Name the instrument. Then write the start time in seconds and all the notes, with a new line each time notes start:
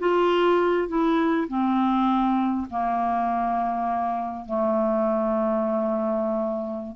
clarinet
0.00 F4
0.88 E4
1.48 C4
2.70 A#3
4.46 A3